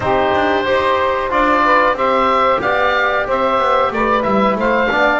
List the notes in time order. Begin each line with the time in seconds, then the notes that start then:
0.00 C4 D#4 G4 C5
0.34 D4
0.65 D#4 G4 C5
1.29 D4 F4 D5
1.64 B4
1.92 C4 G4 C5 E5
2.61 B3 D5 F5
3.26 C4 C5 E5
3.57 B3
3.90 A3 B4 D5
4.22 G3 E4 E5
4.55 A3 C5 F5
4.90 B3 D4 D5